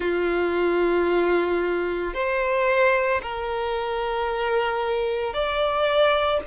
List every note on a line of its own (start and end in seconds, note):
0.00 2.14 F4
2.14 3.21 C5
3.22 5.33 A#4
5.33 6.40 D5